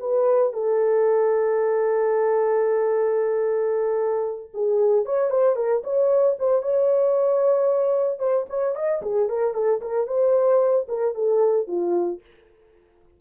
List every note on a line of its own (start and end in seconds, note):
0.00 0.53 B4
0.53 4.51 A4
4.54 5.05 G#4
5.05 5.30 C#5
5.30 5.56 C5
5.56 5.82 A#4
5.84 6.37 C#5
6.39 6.63 C5
6.63 8.19 C#5
8.19 8.46 C5
8.50 8.76 C#5
8.76 9.02 D#5
9.03 9.29 G#4
9.29 9.54 A#4
9.54 9.81 A4
9.81 10.07 A#4
10.07 10.87 C5
10.88 11.15 A#4
11.15 11.68 A4
11.68 12.21 F4